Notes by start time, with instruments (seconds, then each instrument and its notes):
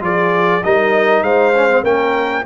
0.00 tuba F3, trombone F4, horn G#4, trumpet D5
0.63 tuba G3, trombone D#4, horn A#4, trumpet D#5
1.22 tuba G#3, horn C5, trumpet F5
1.54 trombone C#4
1.69 trombone C4
1.83 tuba A#3, trombone C#4, horn A#4, trumpet G5